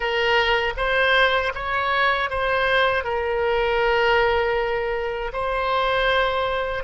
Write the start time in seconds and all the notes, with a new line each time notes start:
0.00 A#4
0.76 C5
1.54 C#5
2.30 C5
3.04 A#4
5.33 C5